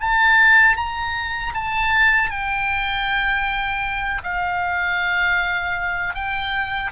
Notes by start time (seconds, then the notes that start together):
0.00 A5
0.76 A#5
1.54 A5
2.30 G5
4.23 F5
6.14 G5